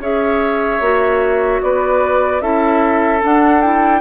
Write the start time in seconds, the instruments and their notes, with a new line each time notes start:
0.00 bassoon C#4, clarinet G#4, oboe C#5, flute E5
0.81 bassoon A#3, clarinet F#4
1.62 bassoon B3, oboe B4, flute D5
2.41 bassoon C#4, clarinet E4, oboe A4, flute E5
3.20 clarinet D4, bassoon D4, flute F#5
3.62 clarinet E4, flute G5